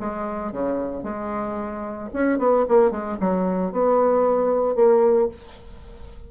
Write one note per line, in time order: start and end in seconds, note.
0.00 0.52 G#3
0.52 1.04 C#3
1.04 2.10 G#3
2.14 2.39 C#4
2.39 2.66 B3
2.69 2.91 A#3
2.91 3.18 G#3
3.20 3.73 F#3
3.73 4.76 B3
4.76 5.29 A#3